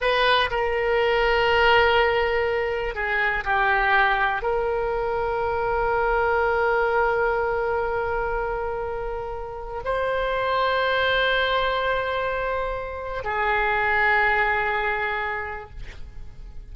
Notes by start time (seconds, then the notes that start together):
0.00 B4
0.50 A#4
2.95 G#4
3.44 G4
4.42 A#4
9.84 C5
13.24 G#4